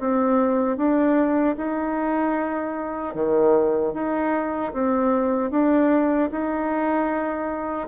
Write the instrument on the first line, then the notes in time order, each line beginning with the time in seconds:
bassoon
0.00 C4
0.77 D4
1.57 D#4
3.15 D#3
3.94 D#4
4.73 C4
5.51 D4
6.32 D#4